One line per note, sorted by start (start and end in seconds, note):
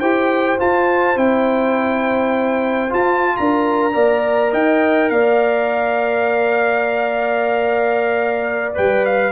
0.00 0.60 E4
0.00 0.58 G4
0.00 3.35 C5
0.00 0.58 G5
0.58 1.17 F4
0.58 1.18 A5
1.17 2.92 C4
1.17 2.90 E4
1.17 2.93 G5
2.90 3.92 F4
2.90 3.38 F4
2.90 3.37 A5
3.37 3.95 D4
3.37 3.95 A#4
3.37 4.54 A#5
3.93 4.53 A#3
3.93 8.74 A#4
3.93 4.52 D5
4.52 5.11 D#4
4.52 5.10 D#5
4.52 5.10 G5
5.10 8.75 A#3
5.10 9.32 D5
5.10 8.74 F5
8.74 9.32 G3
8.74 9.32 B4
8.74 9.06 G5
9.06 9.32 F5